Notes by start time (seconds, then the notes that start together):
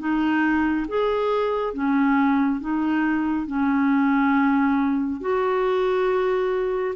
0.00 D#4
0.89 G#4
1.74 C#4
2.61 D#4
3.47 C#4
5.21 F#4